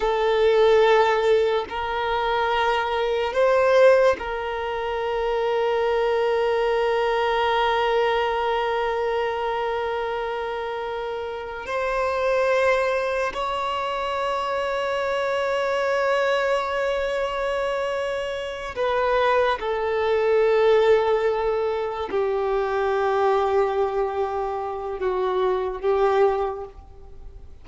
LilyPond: \new Staff \with { instrumentName = "violin" } { \time 4/4 \tempo 4 = 72 a'2 ais'2 | c''4 ais'2.~ | ais'1~ | ais'2 c''2 |
cis''1~ | cis''2~ cis''8 b'4 a'8~ | a'2~ a'8 g'4.~ | g'2 fis'4 g'4 | }